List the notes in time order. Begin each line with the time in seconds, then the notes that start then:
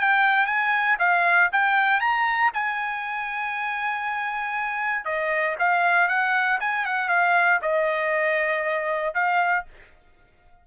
0.00 G5
0.46 G#5
0.99 F5
1.52 G5
2.00 A#5
2.54 G#5
5.05 D#5
5.59 F5
6.08 F#5
6.60 G#5
6.85 F#5
7.09 F5
7.62 D#5
9.14 F5